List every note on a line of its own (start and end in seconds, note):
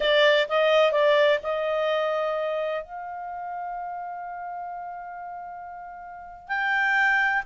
0.00 0.47 D5
0.48 0.91 D#5
0.91 1.39 D5
1.42 2.83 D#5
2.83 6.48 F5
6.48 7.42 G5